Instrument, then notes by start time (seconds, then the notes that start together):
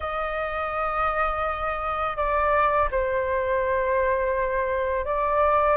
flute
0.00 D#5
2.16 D5
2.91 C5
5.05 D5